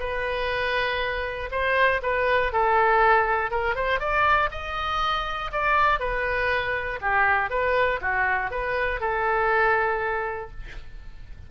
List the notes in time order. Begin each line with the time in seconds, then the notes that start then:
0.00 B4
1.52 C5
2.03 B4
2.53 A4
3.51 A#4
3.75 C5
4.00 D5
4.51 D#5
5.52 D5
6.00 B4
7.02 G4
7.50 B4
8.02 F#4
8.51 B4
9.01 A4